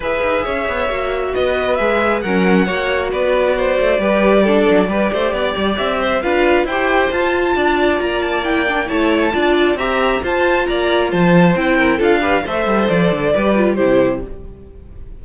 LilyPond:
<<
  \new Staff \with { instrumentName = "violin" } { \time 4/4 \tempo 4 = 135 e''2. dis''4 | e''4 fis''2 d''4~ | d''1~ | d''4 e''4 f''4 g''4 |
a''2 ais''8 a''8 g''4 | a''2 ais''4 a''4 | ais''4 a''4 g''4 f''4 | e''4 d''2 c''4 | }
  \new Staff \with { instrumentName = "violin" } { \time 4/4 b'4 cis''2 b'4~ | b'4 ais'4 cis''4 b'4 | c''4 b'4 a'4 b'8 c''8 | d''4. c''8 b'4 c''4~ |
c''4 d''2. | cis''4 d''4 e''4 c''4 | d''4 c''4. ais'8 a'8 b'8 | c''2 b'4 g'4 | }
  \new Staff \with { instrumentName = "viola" } { \time 4/4 gis'2 fis'2 | gis'4 cis'4 fis'2~ | fis'4 g'4 d'4 g'4~ | g'2 f'4 g'4 |
f'2. e'8 d'8 | e'4 f'4 g'4 f'4~ | f'2 e'4 f'8 g'8 | a'2 g'8 f'8 e'4 | }
  \new Staff \with { instrumentName = "cello" } { \time 4/4 e'8 dis'8 cis'8 b8 ais4 b4 | gis4 fis4 ais4 b4~ | b8 a8 g4. fis8 g8 a8 | b8 g8 c'4 d'4 e'4 |
f'4 d'4 ais2 | a4 d'4 c'4 f'4 | ais4 f4 c'4 d'4 | a8 g8 f8 d8 g4 c4 | }
>>